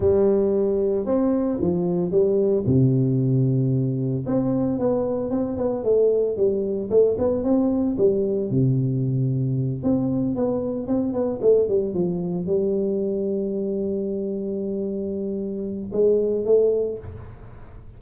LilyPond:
\new Staff \with { instrumentName = "tuba" } { \time 4/4 \tempo 4 = 113 g2 c'4 f4 | g4 c2. | c'4 b4 c'8 b8 a4 | g4 a8 b8 c'4 g4 |
c2~ c8 c'4 b8~ | b8 c'8 b8 a8 g8 f4 g8~ | g1~ | g2 gis4 a4 | }